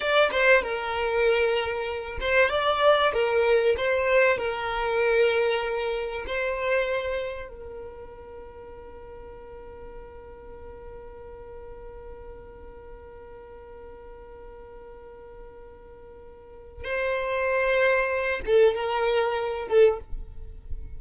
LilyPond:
\new Staff \with { instrumentName = "violin" } { \time 4/4 \tempo 4 = 96 d''8 c''8 ais'2~ ais'8 c''8 | d''4 ais'4 c''4 ais'4~ | ais'2 c''2 | ais'1~ |
ais'1~ | ais'1~ | ais'2. c''4~ | c''4. a'8 ais'4. a'8 | }